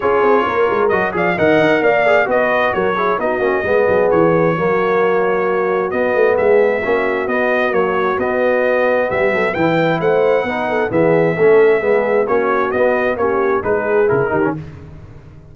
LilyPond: <<
  \new Staff \with { instrumentName = "trumpet" } { \time 4/4 \tempo 4 = 132 cis''2 dis''8 f''8 fis''4 | f''4 dis''4 cis''4 dis''4~ | dis''4 cis''2.~ | cis''4 dis''4 e''2 |
dis''4 cis''4 dis''2 | e''4 g''4 fis''2 | e''2. cis''4 | dis''4 cis''4 b'4 ais'4 | }
  \new Staff \with { instrumentName = "horn" } { \time 4/4 gis'4 ais'4. d''8 dis''4 | d''4 b'4 ais'8 gis'8 fis'4 | gis'2 fis'2~ | fis'2 gis'4 fis'4~ |
fis'1 | g'8 a'8 b'4 c''4 b'8 a'8 | gis'4 a'4 gis'4 fis'4~ | fis'4 g'4 gis'4. g'8 | }
  \new Staff \with { instrumentName = "trombone" } { \time 4/4 f'2 fis'8 gis'8 ais'4~ | ais'8 gis'8 fis'4. e'8 dis'8 cis'8 | b2 ais2~ | ais4 b2 cis'4 |
b4 fis4 b2~ | b4 e'2 dis'4 | b4 cis'4 b4 cis'4 | b4 cis'4 dis'4 e'8 dis'16 cis'16 | }
  \new Staff \with { instrumentName = "tuba" } { \time 4/4 cis'8 c'8 ais8 gis8 fis8 f8 dis8 dis'8 | ais4 b4 fis4 b8 ais8 | gis8 fis8 e4 fis2~ | fis4 b8 a8 gis4 ais4 |
b4 ais4 b2 | g8 fis8 e4 a4 b4 | e4 a4 gis4 ais4 | b4 ais4 gis4 cis8 dis8 | }
>>